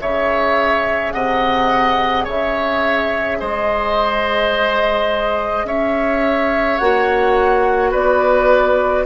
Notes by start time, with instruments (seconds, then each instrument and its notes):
0.00 bassoon C#3, clarinet G#4, oboe C#5, flute E5
1.12 bassoon C3, oboe D#5, flute F#5
2.24 bassoon C#3, oboe C#5, flute E5
3.40 bassoon G#3, oboe C5, flute D#5
5.64 bassoon C#4, oboe C#5, flute E5
6.78 bassoon A#3, clarinet F#4, flute F#5
7.91 bassoon B3, oboe B4, flute D5